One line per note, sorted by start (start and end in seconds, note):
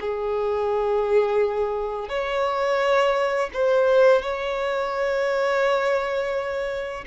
0.00 2.09 G#4
2.09 3.50 C#5
3.54 4.22 C5
4.22 7.04 C#5